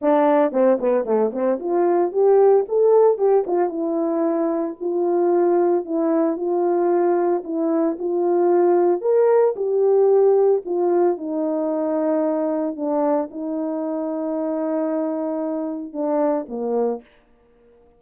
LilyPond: \new Staff \with { instrumentName = "horn" } { \time 4/4 \tempo 4 = 113 d'4 c'8 b8 a8 c'8 f'4 | g'4 a'4 g'8 f'8 e'4~ | e'4 f'2 e'4 | f'2 e'4 f'4~ |
f'4 ais'4 g'2 | f'4 dis'2. | d'4 dis'2.~ | dis'2 d'4 ais4 | }